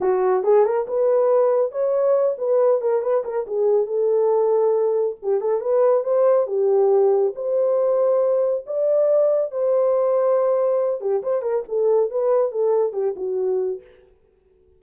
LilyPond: \new Staff \with { instrumentName = "horn" } { \time 4/4 \tempo 4 = 139 fis'4 gis'8 ais'8 b'2 | cis''4. b'4 ais'8 b'8 ais'8 | gis'4 a'2. | g'8 a'8 b'4 c''4 g'4~ |
g'4 c''2. | d''2 c''2~ | c''4. g'8 c''8 ais'8 a'4 | b'4 a'4 g'8 fis'4. | }